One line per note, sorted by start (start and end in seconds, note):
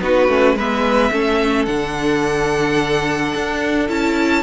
0.00 0.28 B3
0.00 0.28 D#4
0.00 0.56 F#4
0.00 0.58 B4
0.28 0.54 A3
0.28 0.56 C#4
0.54 1.10 G#3
0.54 1.11 B3
0.54 1.11 B4
0.54 1.65 E5
1.11 1.67 A3
1.11 1.67 C#4
1.11 4.43 A4
1.65 3.33 D3
1.65 3.88 D4
1.65 3.87 F#5
3.34 3.89 D4
3.88 4.43 C#4
3.88 4.43 E4
3.88 4.43 A5